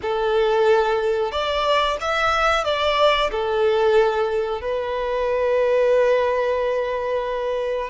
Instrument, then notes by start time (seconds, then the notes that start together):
violin
0.02 A4
1.31 D5
2.00 E5
2.64 D5
3.31 A4
4.61 B4